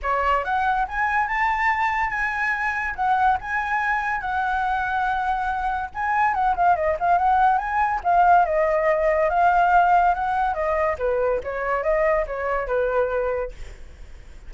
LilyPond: \new Staff \with { instrumentName = "flute" } { \time 4/4 \tempo 4 = 142 cis''4 fis''4 gis''4 a''4~ | a''4 gis''2 fis''4 | gis''2 fis''2~ | fis''2 gis''4 fis''8 f''8 |
dis''8 f''8 fis''4 gis''4 f''4 | dis''2 f''2 | fis''4 dis''4 b'4 cis''4 | dis''4 cis''4 b'2 | }